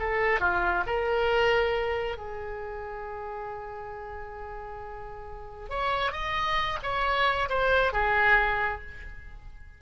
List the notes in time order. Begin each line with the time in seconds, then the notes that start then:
0.00 A4
0.40 F4
0.86 A#4
2.17 G#4
5.70 C#5
6.12 D#5
6.83 C#5
7.49 C5
7.93 G#4